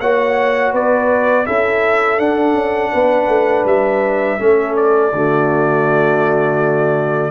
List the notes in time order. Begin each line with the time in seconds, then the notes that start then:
0.00 A#3 F#4 C#5 F#5
0.72 B3 B4 D5
1.46 C#4 E4 A4 E5
2.18 D4 F#5
2.54 C#4
2.92 B3 B4
3.28 A3
3.65 G3 E5
4.39 A3 C#4 A4
4.76 D5
5.12 D3 A3 F#4